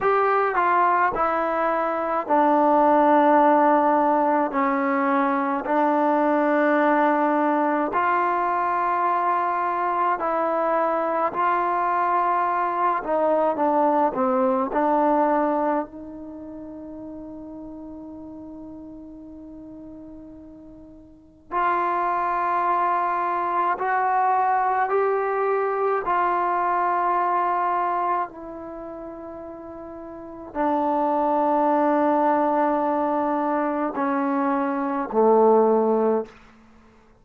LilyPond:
\new Staff \with { instrumentName = "trombone" } { \time 4/4 \tempo 4 = 53 g'8 f'8 e'4 d'2 | cis'4 d'2 f'4~ | f'4 e'4 f'4. dis'8 | d'8 c'8 d'4 dis'2~ |
dis'2. f'4~ | f'4 fis'4 g'4 f'4~ | f'4 e'2 d'4~ | d'2 cis'4 a4 | }